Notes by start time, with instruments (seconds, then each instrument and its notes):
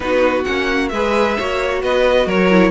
0.00 cello B3, viola D#4, violin F#4 B4
0.44 cello A#3, viola C#4, violin F#5
0.88 cello G#3, viola G#4, violin B4 E5
1.37 cello A#3, viola F#4, violin C#5
1.82 cello B3, violin B4 D#5
2.26 cello F#3, violin A#4 C#5
2.50 viola E4